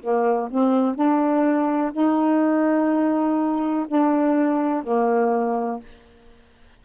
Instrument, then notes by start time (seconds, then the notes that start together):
saxophone
0.00 A#3
0.50 C4
0.95 D4
1.93 D#4
3.88 D4
4.83 A#3